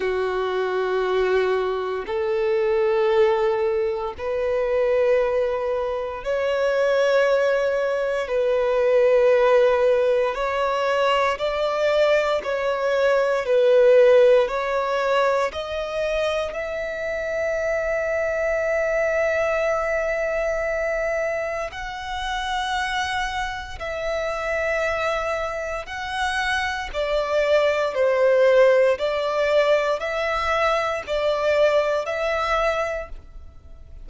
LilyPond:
\new Staff \with { instrumentName = "violin" } { \time 4/4 \tempo 4 = 58 fis'2 a'2 | b'2 cis''2 | b'2 cis''4 d''4 | cis''4 b'4 cis''4 dis''4 |
e''1~ | e''4 fis''2 e''4~ | e''4 fis''4 d''4 c''4 | d''4 e''4 d''4 e''4 | }